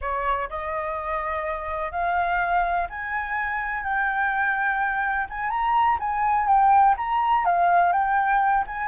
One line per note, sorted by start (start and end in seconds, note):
0.01 0.49 C#5
0.49 1.91 D#5
1.91 2.87 F5
2.89 3.83 G#5
3.83 5.27 G5
5.29 5.50 G#5
5.50 5.98 A#5
5.99 6.47 G#5
6.47 6.95 G5
6.97 7.45 A#5
7.45 7.92 F5
7.92 8.64 G5
8.67 8.87 G#5